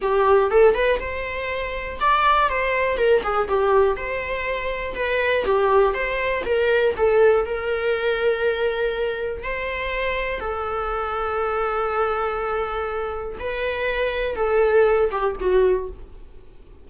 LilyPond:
\new Staff \with { instrumentName = "viola" } { \time 4/4 \tempo 4 = 121 g'4 a'8 b'8 c''2 | d''4 c''4 ais'8 gis'8 g'4 | c''2 b'4 g'4 | c''4 ais'4 a'4 ais'4~ |
ais'2. c''4~ | c''4 a'2.~ | a'2. b'4~ | b'4 a'4. g'8 fis'4 | }